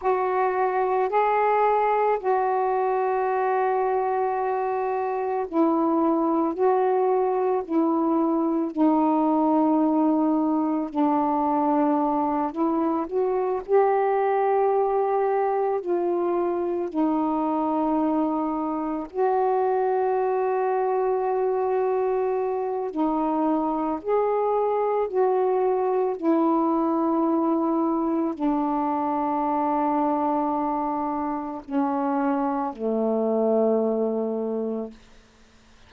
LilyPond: \new Staff \with { instrumentName = "saxophone" } { \time 4/4 \tempo 4 = 55 fis'4 gis'4 fis'2~ | fis'4 e'4 fis'4 e'4 | dis'2 d'4. e'8 | fis'8 g'2 f'4 dis'8~ |
dis'4. fis'2~ fis'8~ | fis'4 dis'4 gis'4 fis'4 | e'2 d'2~ | d'4 cis'4 a2 | }